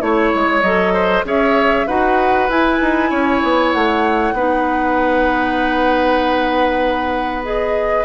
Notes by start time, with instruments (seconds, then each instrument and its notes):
0.00 bassoon A3, clarinet E4, flute C#5, oboe C#5
0.35 bassoon G#3
0.61 bassoon F#3, clarinet A4, flute D#5
0.93 oboe C5
1.24 bassoon C#4, clarinet G#4, oboe C#5, flute E5
1.86 bassoon D#4, clarinet F#4, oboe B4, flute F#5
2.49 bassoon E4, clarinet E4, flute G#5
2.80 bassoon D#4
3.10 bassoon C#4, oboe C#5
3.43 bassoon B3
3.72 bassoon A3, flute F#5
4.32 bassoon B3, clarinet D#4, oboe B4
7.43 clarinet G#4, flute D#5